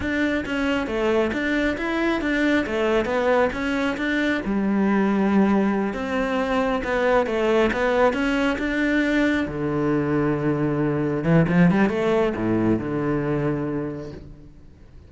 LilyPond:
\new Staff \with { instrumentName = "cello" } { \time 4/4 \tempo 4 = 136 d'4 cis'4 a4 d'4 | e'4 d'4 a4 b4 | cis'4 d'4 g2~ | g4. c'2 b8~ |
b8 a4 b4 cis'4 d'8~ | d'4. d2~ d8~ | d4. e8 f8 g8 a4 | a,4 d2. | }